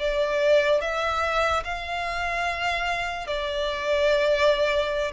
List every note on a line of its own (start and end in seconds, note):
0.00 0.82 D5
0.82 1.64 E5
1.64 3.28 F5
3.28 5.13 D5